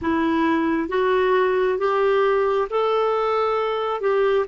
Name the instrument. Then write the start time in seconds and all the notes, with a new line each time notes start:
clarinet
0.01 E4
0.88 F#4
1.78 G4
2.70 A4
4.01 G4